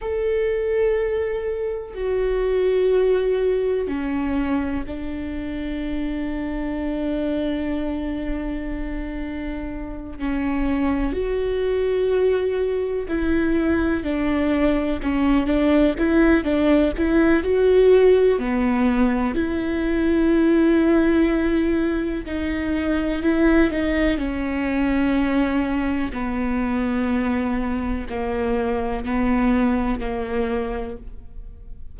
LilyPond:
\new Staff \with { instrumentName = "viola" } { \time 4/4 \tempo 4 = 62 a'2 fis'2 | cis'4 d'2.~ | d'2~ d'8 cis'4 fis'8~ | fis'4. e'4 d'4 cis'8 |
d'8 e'8 d'8 e'8 fis'4 b4 | e'2. dis'4 | e'8 dis'8 cis'2 b4~ | b4 ais4 b4 ais4 | }